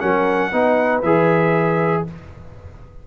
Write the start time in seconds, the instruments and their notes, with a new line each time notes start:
0.00 tuba F#3, trombone C#4, horn A#4, trumpet F#5
0.51 tuba B3, trombone D#4, horn B4
1.02 tuba E3, trombone G#4, trumpet E5